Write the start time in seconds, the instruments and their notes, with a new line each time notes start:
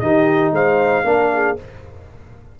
0.00 tuba D#3, trombone D#4, horn G4, trumpet D#5
0.52 tuba G#3, horn C5, trumpet F5
1.04 tuba A#3, trombone D4, horn A#4
1.34 horn G#4